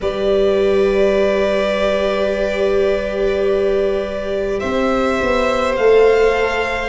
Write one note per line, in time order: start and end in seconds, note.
0.00 4.62 G3
0.00 5.78 G4
0.00 4.60 B4
0.00 4.59 D5
4.59 5.20 C4
4.59 6.88 C5
4.59 5.75 E5
5.21 5.77 B3
5.76 6.88 A3
5.76 6.88 A4
5.76 6.88 F5